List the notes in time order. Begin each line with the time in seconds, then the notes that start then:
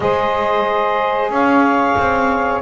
0.00 G#3 G#4 C5 D#5
1.29 C#4 C#5 F5
1.97 C4